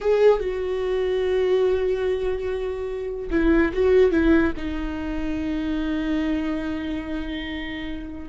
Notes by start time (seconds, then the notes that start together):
0.01 G#4
0.39 F#4
3.30 E4
3.73 F#4
4.11 E4
4.56 D#4